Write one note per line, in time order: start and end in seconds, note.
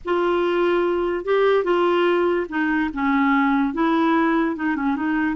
0.05 1.25 F4
1.25 1.63 G4
1.63 2.46 F4
2.49 2.90 D#4
2.93 3.73 C#4
3.73 4.55 E4
4.55 4.76 D#4
4.76 4.96 C#4
4.96 5.35 D#4